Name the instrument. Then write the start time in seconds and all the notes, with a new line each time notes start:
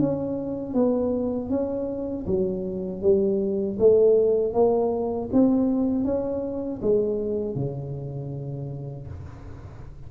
tuba
0.00 C#4
0.74 B3
1.50 C#4
2.27 F#3
3.02 G3
3.79 A3
4.54 A#3
5.33 C4
6.05 C#4
6.82 G#3
7.55 C#3